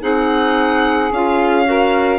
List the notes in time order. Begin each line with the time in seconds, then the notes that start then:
0.00 C4 D#4 G#4 F#5
1.11 C#4 F4 F5
1.65 F#4 A#4